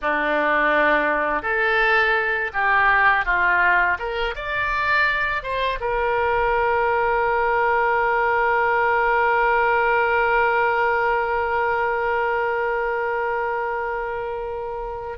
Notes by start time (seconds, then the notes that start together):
0.01 D4
1.42 A4
2.53 G4
3.25 F4
3.98 A#4
4.35 D5
5.42 C5
5.80 A#4